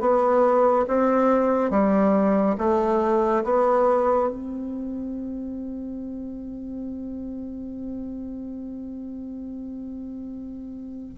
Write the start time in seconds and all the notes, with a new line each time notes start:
0.00 B3
0.88 C4
1.70 G3
2.58 A3
3.44 B3
4.29 C4